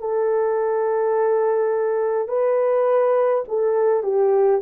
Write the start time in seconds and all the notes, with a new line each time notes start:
0.00 A4
2.28 B4
3.48 A4
4.03 G4